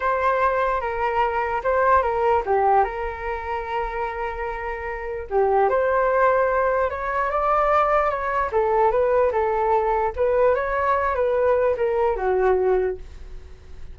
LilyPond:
\new Staff \with { instrumentName = "flute" } { \time 4/4 \tempo 4 = 148 c''2 ais'2 | c''4 ais'4 g'4 ais'4~ | ais'1~ | ais'4 g'4 c''2~ |
c''4 cis''4 d''2 | cis''4 a'4 b'4 a'4~ | a'4 b'4 cis''4. b'8~ | b'4 ais'4 fis'2 | }